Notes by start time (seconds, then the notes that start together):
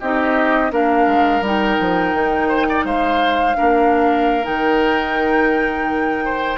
0.00 C4 D#4 G4 D#5
0.71 A#3 D4 A#4 F5
1.07 G#3
1.41 G3 D#4 G5
1.80 F3
2.14 D#3
2.49 C5
2.69 D5
2.84 G#3 C5 F5
3.55 A#3 D4 A#4
4.43 D#3 D#4 G5
6.25 C5